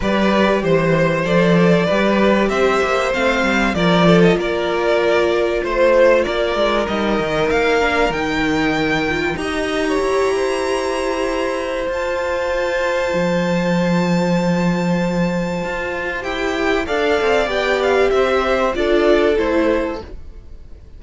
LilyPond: <<
  \new Staff \with { instrumentName = "violin" } { \time 4/4 \tempo 4 = 96 d''4 c''4 d''2 | e''4 f''4 d''8. dis''16 d''4~ | d''4 c''4 d''4 dis''4 | f''4 g''2 ais''4~ |
ais''2. a''4~ | a''1~ | a''2 g''4 f''4 | g''8 f''8 e''4 d''4 c''4 | }
  \new Staff \with { instrumentName = "violin" } { \time 4/4 b'4 c''2 b'4 | c''2 ais'8 a'8 ais'4~ | ais'4 c''4 ais'2~ | ais'2. dis''8. cis''16~ |
cis''8 c''2.~ c''8~ | c''1~ | c''2. d''4~ | d''4 c''4 a'2 | }
  \new Staff \with { instrumentName = "viola" } { \time 4/4 g'2 a'4 g'4~ | g'4 c'4 f'2~ | f'2. dis'4~ | dis'8 d'8 dis'4. f'8 g'4~ |
g'2. f'4~ | f'1~ | f'2 g'4 a'4 | g'2 f'4 e'4 | }
  \new Staff \with { instrumentName = "cello" } { \time 4/4 g4 e4 f4 g4 | c'8 ais8 a8 g8 f4 ais4~ | ais4 a4 ais8 gis8 g8 dis8 | ais4 dis2 dis'4 |
e'2. f'4~ | f'4 f2.~ | f4 f'4 e'4 d'8 c'8 | b4 c'4 d'4 a4 | }
>>